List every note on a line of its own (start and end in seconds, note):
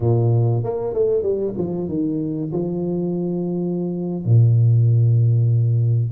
0.00 0.63 A#2
0.63 0.93 A#3
0.93 1.22 A3
1.22 1.54 G3
1.57 1.88 F3
1.88 2.51 D#3
2.52 4.25 F3
4.25 6.11 A#2